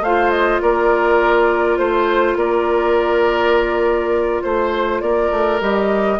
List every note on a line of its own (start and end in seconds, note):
0.00 0.59 A3
0.00 5.60 F4
0.00 0.61 C5
0.00 0.30 F5
0.30 0.60 D#5
0.61 1.78 A#3
0.61 1.78 A#4
0.61 1.77 D5
1.77 2.36 A3
1.77 2.36 C5
1.77 2.37 C5
2.36 4.41 A#3
2.36 4.43 A#4
2.36 4.42 D5
4.42 5.01 A3
4.42 5.01 C5
5.01 5.31 A#3
5.01 6.19 A#4
5.01 5.60 D5
5.31 5.60 A3
5.60 6.19 G3
5.60 6.19 G4
5.60 6.19 D#5